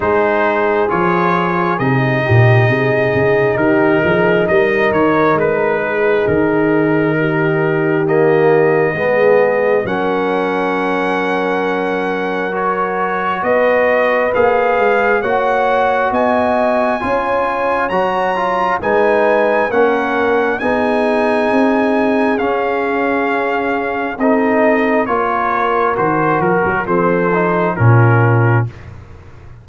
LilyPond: <<
  \new Staff \with { instrumentName = "trumpet" } { \time 4/4 \tempo 4 = 67 c''4 cis''4 dis''2 | ais'4 dis''8 cis''8 b'4 ais'4~ | ais'4 dis''2 fis''4~ | fis''2 cis''4 dis''4 |
f''4 fis''4 gis''2 | ais''4 gis''4 fis''4 gis''4~ | gis''4 f''2 dis''4 | cis''4 c''8 ais'8 c''4 ais'4 | }
  \new Staff \with { instrumentName = "horn" } { \time 4/4 gis'2~ gis'8 g'8 gis'4 | g'8 gis'8 ais'4. gis'4. | g'2 gis'4 ais'4~ | ais'2. b'4~ |
b'4 cis''4 dis''4 cis''4~ | cis''4 b'4 ais'4 gis'4~ | gis'2. a'4 | ais'2 a'4 f'4 | }
  \new Staff \with { instrumentName = "trombone" } { \time 4/4 dis'4 f'4 dis'2~ | dis'1~ | dis'4 ais4 b4 cis'4~ | cis'2 fis'2 |
gis'4 fis'2 f'4 | fis'8 f'8 dis'4 cis'4 dis'4~ | dis'4 cis'2 dis'4 | f'4 fis'4 c'8 dis'8 cis'4 | }
  \new Staff \with { instrumentName = "tuba" } { \time 4/4 gis4 f4 c8 ais,8 c8 cis8 | dis8 f8 g8 dis8 gis4 dis4~ | dis2 gis4 fis4~ | fis2. b4 |
ais8 gis8 ais4 b4 cis'4 | fis4 gis4 ais4 b4 | c'4 cis'2 c'4 | ais4 dis8 f16 fis16 f4 ais,4 | }
>>